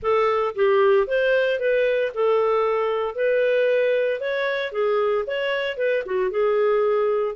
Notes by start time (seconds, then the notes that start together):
0.02 A4
0.55 G4
1.07 C5
1.59 B4
2.14 A4
3.15 B4
4.20 C#5
4.72 G#4
5.26 C#5
5.77 B4
6.05 F#4
6.30 G#4